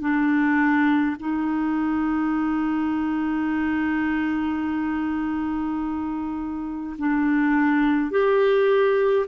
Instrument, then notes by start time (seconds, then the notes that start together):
clarinet
0.00 D4
1.19 D#4
6.98 D4
8.10 G4